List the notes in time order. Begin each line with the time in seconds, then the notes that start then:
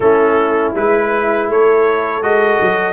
0.00 A3 C#4 E4 A4
0.75 G#3 E4 B4
1.48 A3 A4 C#5
2.22 G#3 F#4 D#5
2.60 F#3